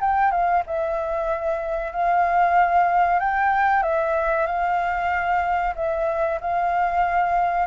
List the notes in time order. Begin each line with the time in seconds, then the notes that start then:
0.00 G5
0.31 F5
0.66 E5
1.92 F5
3.19 G5
3.82 E5
4.46 F5
5.75 E5
6.41 F5